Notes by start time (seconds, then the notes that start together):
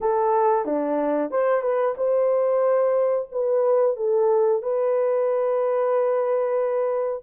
0.01 A4
0.65 D4
1.30 C5
1.62 B4
1.97 C5
3.31 B4
3.96 A4
4.62 B4